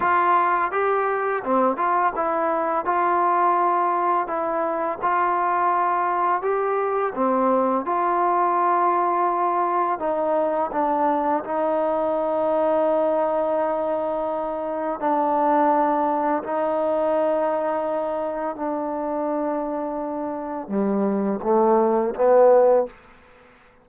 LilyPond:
\new Staff \with { instrumentName = "trombone" } { \time 4/4 \tempo 4 = 84 f'4 g'4 c'8 f'8 e'4 | f'2 e'4 f'4~ | f'4 g'4 c'4 f'4~ | f'2 dis'4 d'4 |
dis'1~ | dis'4 d'2 dis'4~ | dis'2 d'2~ | d'4 g4 a4 b4 | }